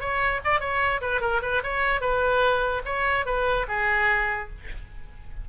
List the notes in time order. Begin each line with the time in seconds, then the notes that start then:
0.00 C#5
0.44 D5
0.60 C#5
1.01 B4
1.21 A#4
1.42 B4
1.63 C#5
2.01 B4
2.85 C#5
3.26 B4
3.68 G#4